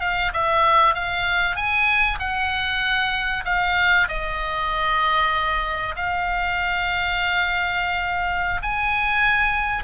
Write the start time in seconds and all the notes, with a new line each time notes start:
0.00 F5
0.33 E5
0.94 F5
1.56 G#5
2.19 F#5
3.45 F5
4.08 D#5
5.95 F5
8.62 G#5